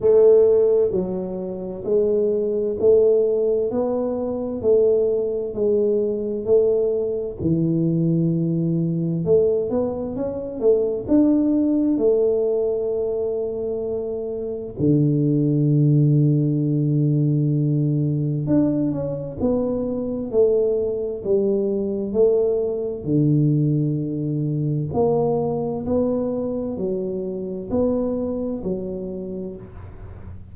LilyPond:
\new Staff \with { instrumentName = "tuba" } { \time 4/4 \tempo 4 = 65 a4 fis4 gis4 a4 | b4 a4 gis4 a4 | e2 a8 b8 cis'8 a8 | d'4 a2. |
d1 | d'8 cis'8 b4 a4 g4 | a4 d2 ais4 | b4 fis4 b4 fis4 | }